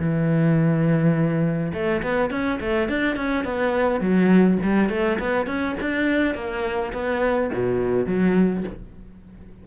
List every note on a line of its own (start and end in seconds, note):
0.00 1.73 E3
1.74 2.02 A3
2.03 2.31 B3
2.31 2.60 C#4
2.60 2.89 A3
2.89 3.17 D4
3.17 3.45 C#4
3.45 4.01 B3
4.01 4.59 F#3
4.63 4.90 G3
4.90 5.19 A3
5.20 5.47 B3
5.47 5.76 C#4
5.81 6.35 D4
6.35 6.93 A#3
6.93 7.51 B3
7.54 8.06 B2
8.06 8.64 F#3